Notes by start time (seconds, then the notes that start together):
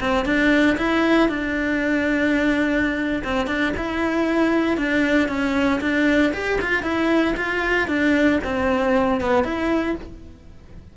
0.00 C4
0.25 D4
0.78 E4
1.29 D4
3.24 C4
3.47 D4
3.77 E4
4.77 D4
5.29 C#4
5.81 D4
6.33 G4
6.61 F4
6.83 E4
7.37 F4
7.88 D4
8.44 C4
9.21 B3
9.44 E4